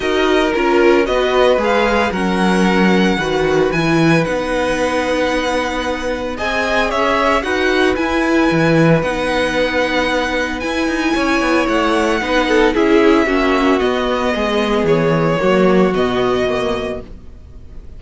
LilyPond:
<<
  \new Staff \with { instrumentName = "violin" } { \time 4/4 \tempo 4 = 113 dis''4 ais'4 dis''4 f''4 | fis''2. gis''4 | fis''1 | gis''4 e''4 fis''4 gis''4~ |
gis''4 fis''2. | gis''2 fis''2 | e''2 dis''2 | cis''2 dis''2 | }
  \new Staff \with { instrumentName = "violin" } { \time 4/4 ais'2 b'2 | ais'2 b'2~ | b'1 | dis''4 cis''4 b'2~ |
b'1~ | b'4 cis''2 b'8 a'8 | gis'4 fis'2 gis'4~ | gis'4 fis'2. | }
  \new Staff \with { instrumentName = "viola" } { \time 4/4 fis'4 f'4 fis'4 gis'4 | cis'2 fis'4 e'4 | dis'1 | gis'2 fis'4 e'4~ |
e'4 dis'2. | e'2. dis'4 | e'4 cis'4 b2~ | b4 ais4 b4 ais4 | }
  \new Staff \with { instrumentName = "cello" } { \time 4/4 dis'4 cis'4 b4 gis4 | fis2 dis4 e4 | b1 | c'4 cis'4 dis'4 e'4 |
e4 b2. | e'8 dis'8 cis'8 b8 a4 b4 | cis'4 ais4 b4 gis4 | e4 fis4 b,2 | }
>>